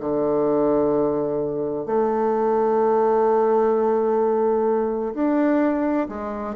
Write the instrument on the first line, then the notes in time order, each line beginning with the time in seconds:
bassoon
0.00 D3
1.86 A3
5.14 D4
6.09 G#3